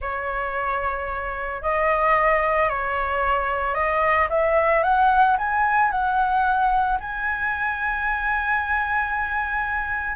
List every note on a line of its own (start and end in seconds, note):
0.01 1.61 C#5
1.61 2.69 D#5
2.69 3.74 C#5
3.74 4.28 D#5
4.29 4.83 E5
4.83 5.36 F#5
5.37 5.91 G#5
5.91 6.98 F#5
7.00 10.15 G#5